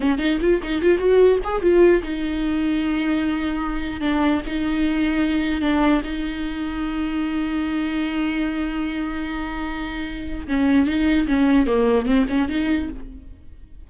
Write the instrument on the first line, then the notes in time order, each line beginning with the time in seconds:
viola
0.00 C#4
0.18 D#4
0.40 F4
0.62 D#4
0.81 F4
0.98 F#4
1.44 G#4
1.61 F4
2.02 D#4
4.00 D4
4.46 D#4
5.61 D4
6.04 D#4
10.47 C#4
10.86 D#4
11.27 C#4
11.66 A#3
12.06 C4
12.29 C#4
12.48 D#4